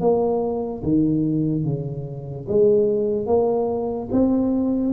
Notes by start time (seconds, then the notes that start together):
0.00 A#3
0.83 D#3
1.64 C#3
2.48 G#3
3.26 A#3
4.11 C4